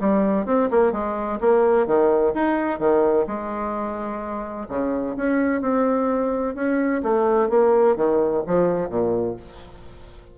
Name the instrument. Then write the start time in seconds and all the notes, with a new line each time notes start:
bassoon
0.00 G3
0.46 C4
0.70 A#3
0.92 G#3
1.40 A#3
1.86 D#3
2.34 D#4
2.79 D#3
3.27 G#3
4.69 C#3
5.16 C#4
5.61 C4
6.55 C#4
7.03 A3
7.49 A#3
7.96 D#3
8.46 F3
8.89 A#2